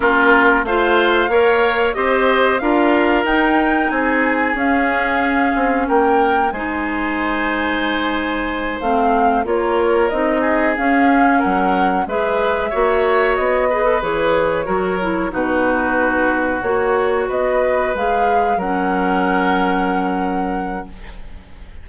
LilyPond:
<<
  \new Staff \with { instrumentName = "flute" } { \time 4/4 \tempo 4 = 92 ais'4 f''2 dis''4 | f''4 g''4 gis''4 f''4~ | f''4 g''4 gis''2~ | gis''4. f''4 cis''4 dis''8~ |
dis''8 f''4 fis''4 e''4.~ | e''8 dis''4 cis''2 b'8~ | b'4. cis''4 dis''4 f''8~ | f''8 fis''2.~ fis''8 | }
  \new Staff \with { instrumentName = "oboe" } { \time 4/4 f'4 c''4 cis''4 c''4 | ais'2 gis'2~ | gis'4 ais'4 c''2~ | c''2~ c''8 ais'4. |
gis'4. ais'4 b'4 cis''8~ | cis''4 b'4. ais'4 fis'8~ | fis'2~ fis'8 b'4.~ | b'8 ais'2.~ ais'8 | }
  \new Staff \with { instrumentName = "clarinet" } { \time 4/4 cis'4 f'4 ais'4 g'4 | f'4 dis'2 cis'4~ | cis'2 dis'2~ | dis'4. c'4 f'4 dis'8~ |
dis'8 cis'2 gis'4 fis'8~ | fis'4 gis'16 a'16 gis'4 fis'8 e'8 dis'8~ | dis'4. fis'2 gis'8~ | gis'8 cis'2.~ cis'8 | }
  \new Staff \with { instrumentName = "bassoon" } { \time 4/4 ais4 a4 ais4 c'4 | d'4 dis'4 c'4 cis'4~ | cis'8 c'8 ais4 gis2~ | gis4. a4 ais4 c'8~ |
c'8 cis'4 fis4 gis4 ais8~ | ais8 b4 e4 fis4 b,8~ | b,4. ais4 b4 gis8~ | gis8 fis2.~ fis8 | }
>>